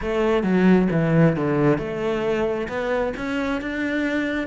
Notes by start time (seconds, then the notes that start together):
0.01 A3
0.43 F#3
0.91 E3
1.36 D3
1.77 A3
2.68 B3
3.16 C#4
3.61 D4